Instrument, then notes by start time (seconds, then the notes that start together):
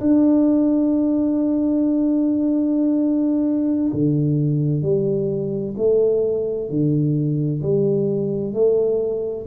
tuba
0.00 D4
3.93 D3
4.83 G3
5.77 A3
6.70 D3
7.62 G3
8.54 A3